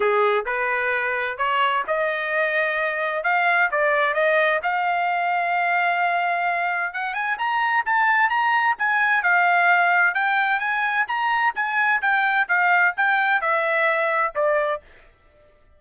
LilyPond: \new Staff \with { instrumentName = "trumpet" } { \time 4/4 \tempo 4 = 130 gis'4 b'2 cis''4 | dis''2. f''4 | d''4 dis''4 f''2~ | f''2. fis''8 gis''8 |
ais''4 a''4 ais''4 gis''4 | f''2 g''4 gis''4 | ais''4 gis''4 g''4 f''4 | g''4 e''2 d''4 | }